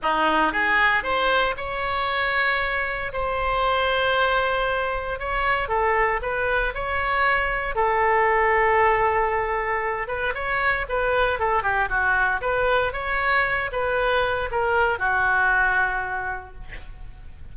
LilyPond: \new Staff \with { instrumentName = "oboe" } { \time 4/4 \tempo 4 = 116 dis'4 gis'4 c''4 cis''4~ | cis''2 c''2~ | c''2 cis''4 a'4 | b'4 cis''2 a'4~ |
a'2.~ a'8 b'8 | cis''4 b'4 a'8 g'8 fis'4 | b'4 cis''4. b'4. | ais'4 fis'2. | }